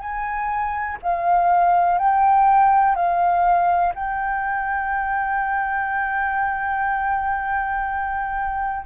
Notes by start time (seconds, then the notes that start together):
0.00 G#5
1.03 F5
1.99 G5
2.96 F5
3.95 G5